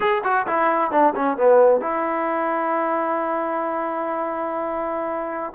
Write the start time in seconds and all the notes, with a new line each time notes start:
0.00 G#4
0.24 F#4
0.46 E4
0.91 D4
1.15 C#4
1.37 B3
1.80 E4